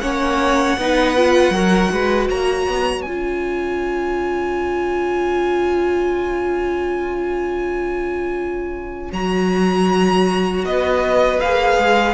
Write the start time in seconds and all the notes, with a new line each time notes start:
0.00 A#3 C#4 C#5 F#5
0.77 B3 D#4 B4
1.16 F4
1.50 F#3 F#4 A#4
1.92 G#3 B4
2.30 A#3 C#5 A#5
2.67 B3
3.02 C#4 F4 G#5
9.12 F#3 F#4 A#5
10.64 B3 B4 D#5
11.40 A#3 G#4 F5
11.77 G#3